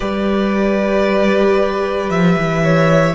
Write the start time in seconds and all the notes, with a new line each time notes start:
0.00 G3 G4 B4 D5
2.09 F3 E5
2.37 E3
2.63 C#5